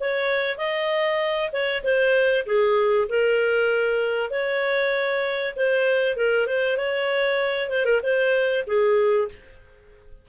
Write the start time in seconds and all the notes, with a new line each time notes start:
0.00 C#5
0.58 D#5
1.52 C#5
1.84 C5
2.46 G#4
3.09 A#4
4.30 C#5
5.56 C5
6.16 A#4
6.47 C5
6.77 C#5
7.70 C5
7.85 A#4
8.03 C5
8.67 G#4